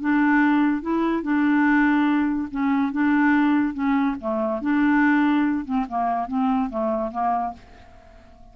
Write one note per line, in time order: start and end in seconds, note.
0.00 0.81 D4
0.81 1.22 E4
1.22 2.48 D4
2.51 2.92 C#4
2.92 3.73 D4
3.73 4.15 C#4
4.20 4.61 A3
4.61 5.65 D4
5.65 5.86 C4
5.88 6.28 A#3
6.28 6.69 C4
6.69 7.11 A3
7.11 7.53 A#3